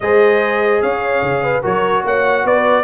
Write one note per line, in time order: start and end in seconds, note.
0.00 0.82 G#3
0.00 1.62 G#4
0.00 0.82 C5
0.00 0.82 D#5
0.82 1.22 C#4
0.82 1.43 C#5
0.82 1.63 F5
1.22 1.63 C#3
1.43 1.62 B4
1.62 2.04 F#3
1.62 2.84 F#4
1.62 2.03 A#4
1.62 2.05 C#5
2.04 2.44 A#3
2.04 2.44 C#5
2.04 2.46 F#5
2.44 2.84 B3
2.44 2.84 B4
2.44 2.84 D5